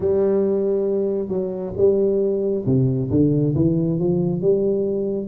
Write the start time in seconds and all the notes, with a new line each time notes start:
0.00 G3
1.28 F#3
1.76 G3
2.66 C3
3.10 D3
3.55 E3
3.99 F3
4.41 G3